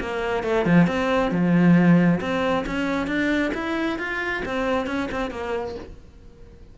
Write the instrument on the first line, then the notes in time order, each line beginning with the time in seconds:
cello
0.00 A#3
0.43 A3
0.65 F3
0.87 C4
1.31 F3
2.20 C4
2.66 C#4
3.07 D4
3.54 E4
3.98 F4
4.45 C4
4.86 C#4
5.11 C4
5.30 A#3